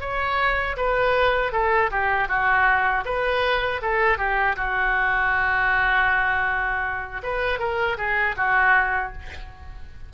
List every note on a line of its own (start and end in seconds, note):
0.00 0.76 C#5
0.76 1.52 B4
1.52 1.90 A4
1.91 2.28 G4
2.28 3.04 F#4
3.05 3.81 B4
3.81 4.17 A4
4.17 4.55 G4
4.56 7.22 F#4
7.23 7.58 B4
7.58 7.96 A#4
7.97 8.35 G#4
8.36 9.12 F#4